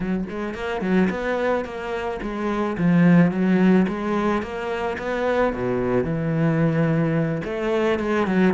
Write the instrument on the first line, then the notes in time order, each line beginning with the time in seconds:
cello
0.00 F#3
0.29 G#3
0.54 A#3
0.81 F#3
1.10 B3
1.65 A#3
2.21 G#3
2.77 F3
3.31 F#3
3.88 G#3
4.42 A#3
4.98 B3
5.53 B2
6.04 E3
7.44 A3
7.99 G#3
8.26 F#3